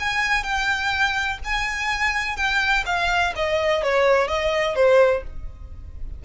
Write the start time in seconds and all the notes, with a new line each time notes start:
0.00 G#5
0.44 G5
1.45 G#5
2.37 G5
2.86 F5
3.36 D#5
3.84 C#5
4.28 D#5
4.76 C5